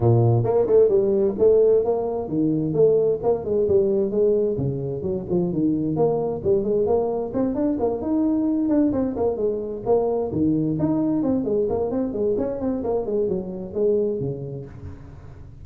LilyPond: \new Staff \with { instrumentName = "tuba" } { \time 4/4 \tempo 4 = 131 ais,4 ais8 a8 g4 a4 | ais4 dis4 a4 ais8 gis8 | g4 gis4 cis4 fis8 f8 | dis4 ais4 g8 gis8 ais4 |
c'8 d'8 ais8 dis'4. d'8 c'8 | ais8 gis4 ais4 dis4 dis'8~ | dis'8 c'8 gis8 ais8 c'8 gis8 cis'8 c'8 | ais8 gis8 fis4 gis4 cis4 | }